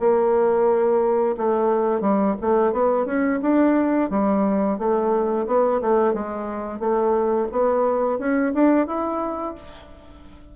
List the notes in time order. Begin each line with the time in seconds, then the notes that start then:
0.00 A#3
1.37 A3
2.01 G3
2.41 A3
2.73 B3
3.06 C#4
3.42 D4
4.10 G3
4.79 A3
5.47 B3
5.81 A3
6.14 G#3
6.80 A3
7.52 B3
8.19 C#4
8.54 D4
8.87 E4